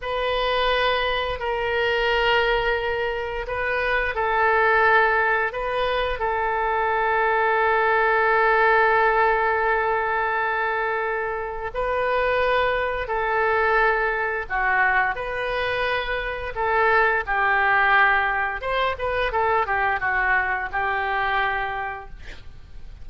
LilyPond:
\new Staff \with { instrumentName = "oboe" } { \time 4/4 \tempo 4 = 87 b'2 ais'2~ | ais'4 b'4 a'2 | b'4 a'2.~ | a'1~ |
a'4 b'2 a'4~ | a'4 fis'4 b'2 | a'4 g'2 c''8 b'8 | a'8 g'8 fis'4 g'2 | }